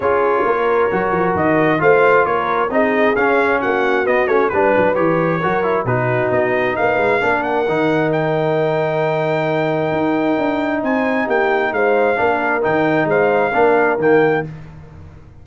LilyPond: <<
  \new Staff \with { instrumentName = "trumpet" } { \time 4/4 \tempo 4 = 133 cis''2. dis''4 | f''4 cis''4 dis''4 f''4 | fis''4 dis''8 cis''8 b'4 cis''4~ | cis''4 b'4 dis''4 f''4~ |
f''8 fis''4. g''2~ | g''1 | gis''4 g''4 f''2 | g''4 f''2 g''4 | }
  \new Staff \with { instrumentName = "horn" } { \time 4/4 gis'4 ais'2. | c''4 ais'4 gis'2 | fis'2 b'2 | ais'4 fis'2 b'4 |
ais'1~ | ais'1 | c''4 g'4 c''4 ais'4~ | ais'4 c''4 ais'2 | }
  \new Staff \with { instrumentName = "trombone" } { \time 4/4 f'2 fis'2 | f'2 dis'4 cis'4~ | cis'4 b8 cis'8 d'4 g'4 | fis'8 e'8 dis'2. |
d'4 dis'2.~ | dis'1~ | dis'2. d'4 | dis'2 d'4 ais4 | }
  \new Staff \with { instrumentName = "tuba" } { \time 4/4 cis'4 ais4 fis8 f8 dis4 | a4 ais4 c'4 cis'4 | ais4 b8 a8 g8 fis8 e4 | fis4 b,4 b4 ais8 gis8 |
ais4 dis2.~ | dis2 dis'4 d'4 | c'4 ais4 gis4 ais4 | dis4 gis4 ais4 dis4 | }
>>